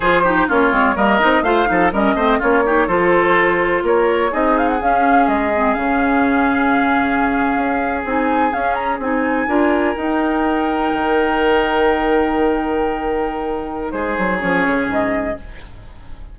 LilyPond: <<
  \new Staff \with { instrumentName = "flute" } { \time 4/4 \tempo 4 = 125 c''4 cis''4 dis''4 f''4 | dis''4 cis''4 c''2 | cis''4 dis''8 f''16 fis''16 f''4 dis''4 | f''1~ |
f''8. gis''4 f''8 ais''8 gis''4~ gis''16~ | gis''8. g''2.~ g''16~ | g''1~ | g''4 c''4 cis''4 dis''4 | }
  \new Staff \with { instrumentName = "oboe" } { \time 4/4 gis'8 g'8 f'4 ais'4 c''8 a'8 | ais'8 c''8 f'8 g'8 a'2 | ais'4 gis'2.~ | gis'1~ |
gis'2.~ gis'8. ais'16~ | ais'1~ | ais'1~ | ais'4 gis'2. | }
  \new Staff \with { instrumentName = "clarinet" } { \time 4/4 f'8 dis'8 cis'8 c'8 ais8 dis'8 f'8 dis'8 | cis'8 c'8 cis'8 dis'8 f'2~ | f'4 dis'4 cis'4. c'8 | cis'1~ |
cis'8. dis'4 cis'4 dis'4 f'16~ | f'8. dis'2.~ dis'16~ | dis'1~ | dis'2 cis'2 | }
  \new Staff \with { instrumentName = "bassoon" } { \time 4/4 f4 ais8 gis8 g8 c'8 a8 f8 | g8 a8 ais4 f2 | ais4 c'4 cis'4 gis4 | cis2.~ cis8. cis'16~ |
cis'8. c'4 cis'4 c'4 d'16~ | d'8. dis'2 dis4~ dis16~ | dis1~ | dis4 gis8 fis8 f8 cis8 gis,4 | }
>>